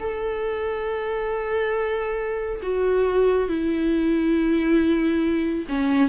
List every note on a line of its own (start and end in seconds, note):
0.00 2.61 A4
2.62 3.48 F#4
3.48 5.66 E4
5.68 6.09 C#4